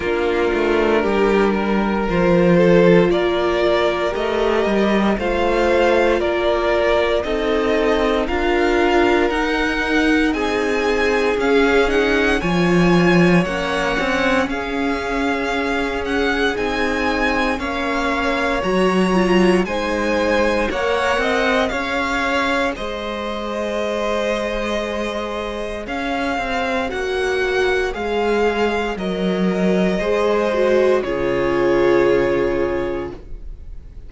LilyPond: <<
  \new Staff \with { instrumentName = "violin" } { \time 4/4 \tempo 4 = 58 ais'2 c''4 d''4 | dis''4 f''4 d''4 dis''4 | f''4 fis''4 gis''4 f''8 fis''8 | gis''4 fis''4 f''4. fis''8 |
gis''4 f''4 ais''4 gis''4 | fis''4 f''4 dis''2~ | dis''4 f''4 fis''4 f''4 | dis''2 cis''2 | }
  \new Staff \with { instrumentName = "violin" } { \time 4/4 f'4 g'8 ais'4 a'8 ais'4~ | ais'4 c''4 ais'4 a'4 | ais'2 gis'2 | cis''2 gis'2~ |
gis'4 cis''2 c''4 | cis''8 dis''8 cis''4 c''2~ | c''4 cis''2.~ | cis''4 c''4 gis'2 | }
  \new Staff \with { instrumentName = "viola" } { \time 4/4 d'2 f'2 | g'4 f'2 dis'4 | f'4 dis'2 cis'8 dis'8 | f'4 cis'2. |
dis'4 cis'4 fis'8 f'8 dis'4 | ais'4 gis'2.~ | gis'2 fis'4 gis'4 | ais'4 gis'8 fis'8 f'2 | }
  \new Staff \with { instrumentName = "cello" } { \time 4/4 ais8 a8 g4 f4 ais4 | a8 g8 a4 ais4 c'4 | d'4 dis'4 c'4 cis'4 | f4 ais8 c'8 cis'2 |
c'4 ais4 fis4 gis4 | ais8 c'8 cis'4 gis2~ | gis4 cis'8 c'8 ais4 gis4 | fis4 gis4 cis2 | }
>>